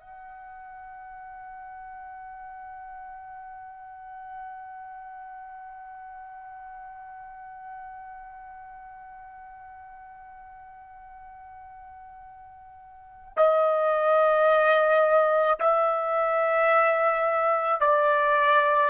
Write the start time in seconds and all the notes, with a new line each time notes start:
0.00 F#5
13.37 D#5
15.60 E5
17.81 D5